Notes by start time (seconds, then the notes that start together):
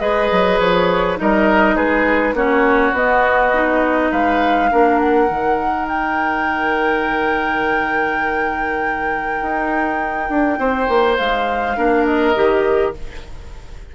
0.00 G#3 G#4 B4 D#5
0.31 F#3
0.60 F3 C#5
1.17 G3 D#4 A#4 D#5
1.76 G#3 G#4 B4
2.34 A#3 C#4 F#4 C#5
2.93 B3 D#5
3.54 D#4
4.12 G#3 B4 F5
4.71 A#3 D4 A#4
4.99 F#5
5.29 D#3 D#4
5.88 G5
9.42 D#4
10.29 D4
10.59 C4 C5
10.89 A#3
11.18 G#3 F5
11.76 A#3 D4 A#4
12.06 D#5
12.36 D#3 G4